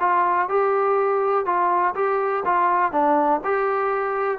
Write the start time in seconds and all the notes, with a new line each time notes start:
0.00 F4
0.49 G4
1.46 F4
1.95 G4
2.46 F4
2.92 D4
3.44 G4